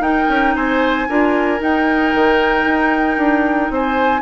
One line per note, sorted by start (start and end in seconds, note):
0.00 0.26 D#4
0.00 1.07 D#4
0.00 0.55 A#4
0.00 0.55 G5
0.29 0.55 C#4
0.56 1.08 C4
0.56 1.08 C5
0.56 1.61 G#5
1.09 1.61 D4
1.09 1.59 F4
1.09 3.72 A#4
1.59 4.22 D#4
1.59 2.14 D#4
1.59 3.74 G5
2.15 2.65 D#3
2.65 3.18 D#4
3.18 3.70 D4
3.71 4.22 C4
3.71 4.22 C5
3.71 4.22 G#5